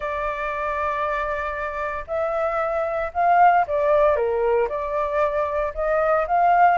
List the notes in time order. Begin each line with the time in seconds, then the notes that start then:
0.00 D5
2.07 E5
3.13 F5
3.67 D5
4.15 A#4
4.68 D5
5.74 D#5
6.27 F5